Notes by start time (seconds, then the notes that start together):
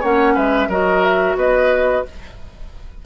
0.00 A#3 C#4 C#5 F#5
0.35 G#3 B4 E5
0.68 F#3 F#4 A#4 D#5
1.03 E5
1.36 B3 B4 D#5